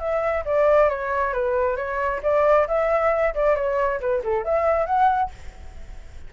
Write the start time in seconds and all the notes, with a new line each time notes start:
0.00 E5
0.45 D5
0.89 C#5
1.33 B4
1.77 C#5
2.23 D5
2.68 E5
3.35 D5
3.56 C#5
4.01 B4
4.24 A4
4.45 E5
4.86 F#5